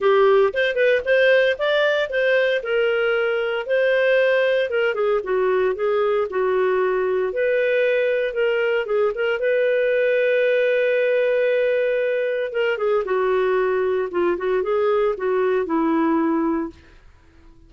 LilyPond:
\new Staff \with { instrumentName = "clarinet" } { \time 4/4 \tempo 4 = 115 g'4 c''8 b'8 c''4 d''4 | c''4 ais'2 c''4~ | c''4 ais'8 gis'8 fis'4 gis'4 | fis'2 b'2 |
ais'4 gis'8 ais'8 b'2~ | b'1 | ais'8 gis'8 fis'2 f'8 fis'8 | gis'4 fis'4 e'2 | }